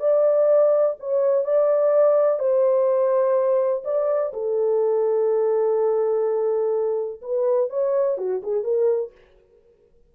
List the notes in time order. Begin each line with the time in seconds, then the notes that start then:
0.00 D5
1.00 C#5
1.45 D5
2.40 C5
3.85 D5
4.34 A4
7.22 B4
7.70 C#5
8.18 F#4
8.43 G#4
8.64 A#4